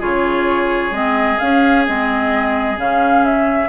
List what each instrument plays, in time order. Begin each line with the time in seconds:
0.00 bassoon C#3, clarinet F4, oboe G#4, flute C#5
0.91 bassoon G#3, clarinet C4, flute D#5
1.39 clarinet C#4, bassoon C#4, flute F5
1.86 bassoon G#3, clarinet C4, flute D#5
2.77 bassoon C#3, clarinet C#4, flute F5
3.26 flute E5